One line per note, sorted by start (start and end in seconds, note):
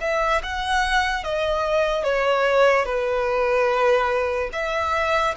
0.00 0.41 E5
0.43 1.23 F#5
1.23 2.04 D#5
2.04 2.85 C#5
2.85 4.49 B4
4.52 5.34 E5